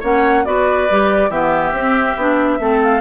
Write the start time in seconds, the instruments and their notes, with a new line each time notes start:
0.00 bassoon A#3, clarinet C#4, oboe C#5, flute F#5
0.45 bassoon B3, clarinet F#4, oboe B4, flute D5
0.91 bassoon G3, clarinet G4
1.29 bassoon E3, clarinet B3, oboe G4, flute E5
1.72 bassoon C4, clarinet C4
2.17 bassoon B3, clarinet D4
2.59 bassoon A3, clarinet C4, oboe A4
2.83 flute F5